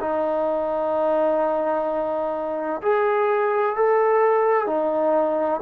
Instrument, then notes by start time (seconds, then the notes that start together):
trombone
0.00 D#4
2.82 G#4
3.76 A4
4.67 D#4